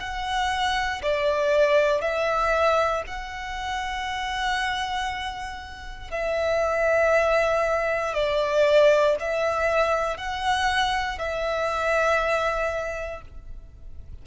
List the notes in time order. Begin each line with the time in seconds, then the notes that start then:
0.00 F#5
1.02 D5
2.01 E5
3.06 F#5
6.11 E5
8.14 D5
9.19 E5
10.17 F#5
11.18 E5